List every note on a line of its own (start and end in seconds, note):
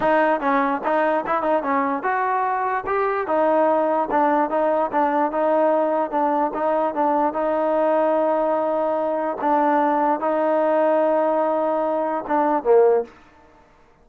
0.00 0.40 D#4
0.40 0.81 C#4
0.84 1.24 D#4
1.26 1.42 E4
1.42 1.62 D#4
1.63 2.03 C#4
2.03 2.84 F#4
2.86 3.27 G4
3.27 4.08 D#4
4.10 4.50 D4
4.50 4.90 D#4
4.92 5.31 D4
5.31 6.11 D#4
6.11 6.51 D4
6.53 6.94 D#4
6.94 7.33 D4
7.33 9.37 D#4
9.40 10.20 D4
10.20 12.24 D#4
12.27 12.63 D4
12.63 13.04 A#3